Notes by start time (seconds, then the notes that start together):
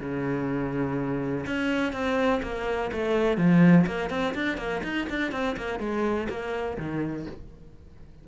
0.00 C#3
1.46 C#4
1.92 C4
2.43 A#3
2.92 A3
3.37 F3
3.87 A#3
4.10 C4
4.35 D4
4.57 A#3
4.83 D#4
5.09 D4
5.32 C4
5.57 A#3
5.79 G#3
6.29 A#3
6.77 D#3